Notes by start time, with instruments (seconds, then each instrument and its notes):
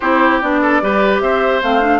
0.00 bassoon C4, clarinet E4, oboe G4, flute C5
0.41 bassoon B3, clarinet D4, flute D5
0.61 oboe A4
0.82 bassoon G3, clarinet G4, oboe B4
1.20 bassoon C4, oboe C5, flute E5
1.62 bassoon A3, clarinet C4, flute F5
1.80 clarinet D4